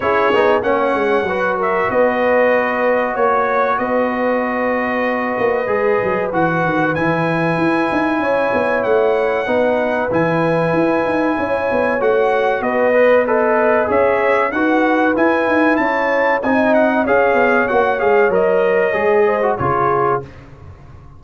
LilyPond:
<<
  \new Staff \with { instrumentName = "trumpet" } { \time 4/4 \tempo 4 = 95 cis''4 fis''4. e''8 dis''4~ | dis''4 cis''4 dis''2~ | dis''2 fis''4 gis''4~ | gis''2 fis''2 |
gis''2. fis''4 | dis''4 b'4 e''4 fis''4 | gis''4 a''4 gis''8 fis''8 f''4 | fis''8 f''8 dis''2 cis''4 | }
  \new Staff \with { instrumentName = "horn" } { \time 4/4 gis'4 cis''4 b'8 ais'8 b'4~ | b'4 cis''4 b'2~ | b'1~ | b'4 cis''2 b'4~ |
b'2 cis''2 | b'4 dis''4 cis''4 b'4~ | b'4 cis''4 dis''4 cis''4~ | cis''2~ cis''8 c''8 gis'4 | }
  \new Staff \with { instrumentName = "trombone" } { \time 4/4 e'8 dis'8 cis'4 fis'2~ | fis'1~ | fis'4 gis'4 fis'4 e'4~ | e'2. dis'4 |
e'2. fis'4~ | fis'8 b'8 a'4 gis'4 fis'4 | e'2 dis'4 gis'4 | fis'8 gis'8 ais'4 gis'8. fis'16 f'4 | }
  \new Staff \with { instrumentName = "tuba" } { \time 4/4 cis'8 b8 ais8 gis8 fis4 b4~ | b4 ais4 b2~ | b8 ais8 gis8 fis8 e8 dis8 e4 | e'8 dis'8 cis'8 b8 a4 b4 |
e4 e'8 dis'8 cis'8 b8 a4 | b2 cis'4 dis'4 | e'8 dis'8 cis'4 c'4 cis'8 b8 | ais8 gis8 fis4 gis4 cis4 | }
>>